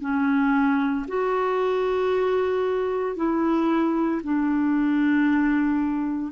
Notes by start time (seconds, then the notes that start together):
0.00 C#4
1.08 F#4
3.16 E4
4.23 D4